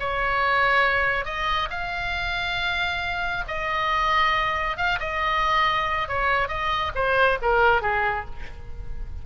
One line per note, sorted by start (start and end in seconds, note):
0.00 1.25 C#5
1.25 1.69 D#5
1.71 3.44 F5
3.48 4.77 D#5
4.77 4.99 F5
5.00 6.09 D#5
6.09 6.49 C#5
6.49 6.92 D#5
6.95 7.39 C5
7.42 7.82 A#4
7.82 8.25 G#4